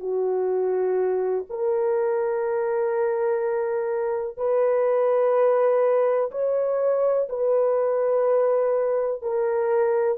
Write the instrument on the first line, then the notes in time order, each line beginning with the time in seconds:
horn
0.00 F#4
1.50 A#4
4.38 B4
6.32 C#5
7.29 B4
9.22 A#4